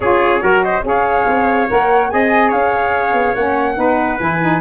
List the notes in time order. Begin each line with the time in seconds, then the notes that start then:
0.00 C#4 F4 G#4 C#5
0.40 F#3 F#4 A#4
0.63 C5 D#5
0.83 C#4 G#4 C#5 F5
1.26 C4
1.69 A#3 A#4 F#5
2.09 C4 G#4 D#5 G#5
2.48 C#4 C#5 F5
3.13 B3
3.35 A#3 C#4 F#5
3.76 B3 D#4 B4
4.19 E3 E4 G#5
4.41 D#4